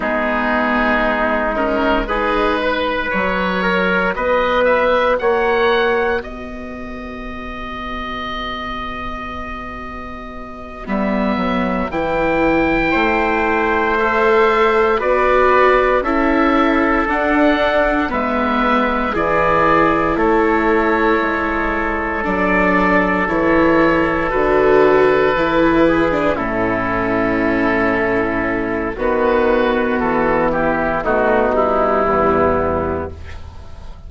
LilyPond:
<<
  \new Staff \with { instrumentName = "oboe" } { \time 4/4 \tempo 4 = 58 gis'4. ais'8 b'4 cis''4 | dis''8 e''8 fis''4 dis''2~ | dis''2~ dis''8 e''4 g''8~ | g''4. e''4 d''4 e''8~ |
e''8 fis''4 e''4 d''4 cis''8~ | cis''4. d''4 cis''4 b'8~ | b'4. a'2~ a'8 | b'4 a'8 g'8 fis'8 e'4. | }
  \new Staff \with { instrumentName = "trumpet" } { \time 4/4 dis'2 gis'8 b'4 ais'8 | b'4 cis''4 b'2~ | b'1~ | b'8 c''2 b'4 a'8~ |
a'4. b'4 gis'4 a'8~ | a'1~ | a'4 gis'8 e'2~ e'8 | fis'4. e'8 dis'4 b4 | }
  \new Staff \with { instrumentName = "viola" } { \time 4/4 b4. cis'8 dis'4 fis'4~ | fis'1~ | fis'2~ fis'8 b4 e'8~ | e'4. a'4 fis'4 e'8~ |
e'8 d'4 b4 e'4.~ | e'4. d'4 e'4 fis'8~ | fis'8 e'8. d'16 cis'2~ cis'8 | b2 a8 g4. | }
  \new Staff \with { instrumentName = "bassoon" } { \time 4/4 gis2. fis4 | b4 ais4 b2~ | b2~ b8 g8 fis8 e8~ | e8 a2 b4 cis'8~ |
cis'8 d'4 gis4 e4 a8~ | a8 gis4 fis4 e4 d8~ | d8 e4 a,2~ a,8 | dis4 e4 b,4 e,4 | }
>>